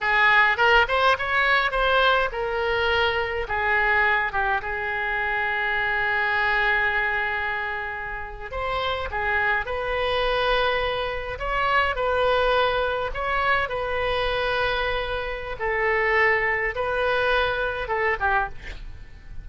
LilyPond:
\new Staff \with { instrumentName = "oboe" } { \time 4/4 \tempo 4 = 104 gis'4 ais'8 c''8 cis''4 c''4 | ais'2 gis'4. g'8 | gis'1~ | gis'2~ gis'8. c''4 gis'16~ |
gis'8. b'2. cis''16~ | cis''8. b'2 cis''4 b'16~ | b'2. a'4~ | a'4 b'2 a'8 g'8 | }